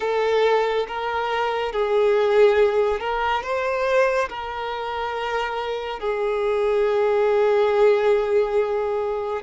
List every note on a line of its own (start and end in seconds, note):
0.00 0.86 A4
0.87 1.72 A#4
1.72 3.00 G#4
3.00 3.42 A#4
3.42 4.28 C5
4.29 5.99 A#4
5.99 9.42 G#4